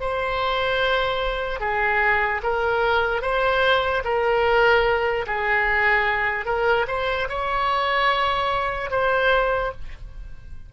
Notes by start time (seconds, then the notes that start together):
0.00 C5
1.60 G#4
2.43 A#4
3.22 C5
4.04 A#4
5.27 G#4
6.45 A#4
6.87 C5
7.29 C#5
8.91 C5